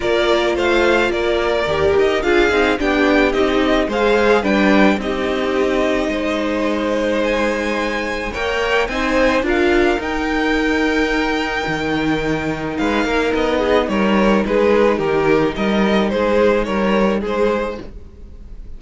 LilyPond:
<<
  \new Staff \with { instrumentName = "violin" } { \time 4/4 \tempo 4 = 108 d''4 f''4 d''4. dis''8 | f''4 g''4 dis''4 f''4 | g''4 dis''2.~ | dis''4 gis''2 g''4 |
gis''4 f''4 g''2~ | g''2. f''4 | dis''4 cis''4 b'4 ais'4 | dis''4 c''4 cis''4 c''4 | }
  \new Staff \with { instrumentName = "violin" } { \time 4/4 ais'4 c''4 ais'2 | gis'4 g'2 c''4 | b'4 g'2 c''4~ | c''2. cis''4 |
c''4 ais'2.~ | ais'2. b'8 ais'8~ | ais'8 gis'8 ais'4 gis'4 g'4 | ais'4 gis'4 ais'4 gis'4 | }
  \new Staff \with { instrumentName = "viola" } { \time 4/4 f'2. g'4 | f'8 dis'8 d'4 dis'4 gis'4 | d'4 dis'2.~ | dis'2. ais'4 |
dis'4 f'4 dis'2~ | dis'1~ | dis'1~ | dis'1 | }
  \new Staff \with { instrumentName = "cello" } { \time 4/4 ais4 a4 ais4 dis,8 dis'8 | d'8 c'8 b4 c'4 gis4 | g4 c'2 gis4~ | gis2. ais4 |
c'4 d'4 dis'2~ | dis'4 dis2 gis8 ais8 | b4 g4 gis4 dis4 | g4 gis4 g4 gis4 | }
>>